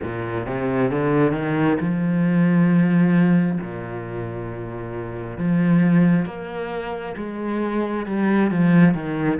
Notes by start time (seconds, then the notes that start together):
0.02 A#2
0.46 C3
0.90 D3
1.31 D#3
1.80 F3
3.61 A#2
5.37 F3
6.25 A#3
7.16 G#3
8.06 G3
8.50 F3
8.94 D#3